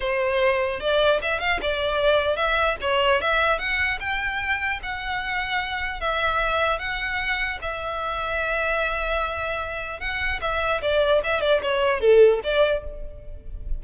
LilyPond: \new Staff \with { instrumentName = "violin" } { \time 4/4 \tempo 4 = 150 c''2 d''4 e''8 f''8 | d''2 e''4 cis''4 | e''4 fis''4 g''2 | fis''2. e''4~ |
e''4 fis''2 e''4~ | e''1~ | e''4 fis''4 e''4 d''4 | e''8 d''8 cis''4 a'4 d''4 | }